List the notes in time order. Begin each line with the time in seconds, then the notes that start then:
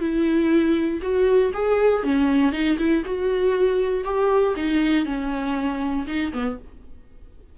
0.00 E4
1.02 F#4
1.54 G#4
2.03 C#4
2.52 D#4
2.78 E4
3.05 F#4
4.04 G4
4.56 D#4
5.05 C#4
6.07 D#4
6.33 B3